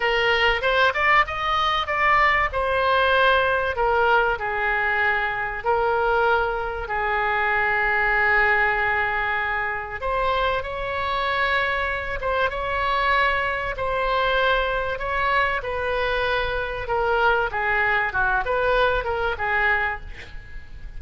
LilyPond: \new Staff \with { instrumentName = "oboe" } { \time 4/4 \tempo 4 = 96 ais'4 c''8 d''8 dis''4 d''4 | c''2 ais'4 gis'4~ | gis'4 ais'2 gis'4~ | gis'1 |
c''4 cis''2~ cis''8 c''8 | cis''2 c''2 | cis''4 b'2 ais'4 | gis'4 fis'8 b'4 ais'8 gis'4 | }